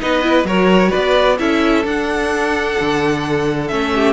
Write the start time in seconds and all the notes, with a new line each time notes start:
0.00 B3 D#4 B4 D#5
0.22 E4
0.44 F#3 F#4 A#4 C#5
0.90 B3 B4 D5
1.39 C#4 E4 A4 E5
1.84 D4 F#5
2.80 D3
3.68 A3 C#4 E5
3.94 G4